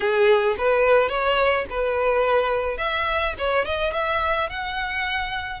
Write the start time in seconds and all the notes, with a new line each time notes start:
0.00 G#4
0.58 B4
1.09 C#5
1.70 B4
2.77 E5
3.38 C#5
3.65 D#5
3.93 E5
4.49 F#5